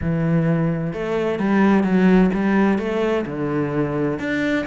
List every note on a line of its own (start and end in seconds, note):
0.01 0.93 E3
0.93 1.39 A3
1.39 1.83 G3
1.83 2.30 F#3
2.34 2.78 G3
2.78 3.25 A3
3.26 4.19 D3
4.19 4.65 D4